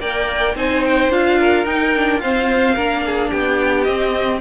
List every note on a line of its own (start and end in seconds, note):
0.00 0.55 A#3
0.00 0.55 A#4
0.00 0.56 D5
0.00 0.55 G5
0.55 1.09 C4
0.55 1.10 D#4
0.55 1.39 C5
0.55 0.84 G#5
0.84 1.11 G5
1.09 1.64 D4
1.09 1.65 F4
1.09 1.65 F5
1.39 2.21 A#4
1.64 2.17 D#4
1.64 1.94 D#4
1.64 2.20 G5
1.96 2.22 D4
2.17 2.76 C4
2.17 2.72 F4
2.17 2.75 C5
2.17 3.30 F5
2.75 3.31 A#3
2.75 3.86 D4
2.75 3.02 A#4
3.05 3.29 G#4
3.29 3.87 B3
3.29 4.39 G4
3.29 3.83 G5
3.83 4.40 C4
3.83 4.38 D#5